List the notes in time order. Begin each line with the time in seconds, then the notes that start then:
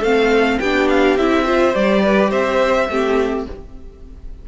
0.00 A3 C4 A4 F5
0.59 B3 D4 G4 G5
0.89 F5
1.17 C4 E4 E5
1.45 F4 C5
1.73 G3 G4 D5
2.02 B4
2.30 C4 C5 E5
2.89 A3 C4 G4